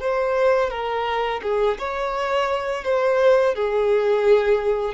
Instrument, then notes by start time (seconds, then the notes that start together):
violin
0.00 C5
0.70 A#4
1.42 G#4
1.78 C#5
2.84 C5
3.55 G#4